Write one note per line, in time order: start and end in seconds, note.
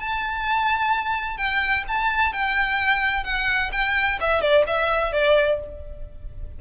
0.00 1.37 A5
1.37 1.84 G5
1.88 2.33 A5
2.33 3.25 G5
3.25 3.71 F#5
3.72 4.19 G5
4.21 4.41 E5
4.41 4.65 D5
4.67 5.13 E5
5.13 5.60 D5